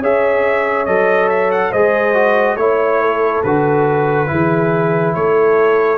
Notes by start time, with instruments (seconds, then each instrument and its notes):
0.00 tuba C#4, trombone G#4, horn C#5, trumpet E5
0.86 tuba F#3, trombone A4, trumpet D#5
1.29 trumpet E5
1.51 trumpet F#5
1.70 tuba G#3, trombone G#4, horn C5, trumpet D#5
2.14 trombone F#4
2.56 tuba A3, trombone E4, trumpet C#5, horn C#5
3.01 horn A4
3.43 tuba D3, trombone F#4, trumpet B4
4.27 tuba E3, trombone E4, horn G#4
5.14 tuba A3, horn A4, trumpet C#5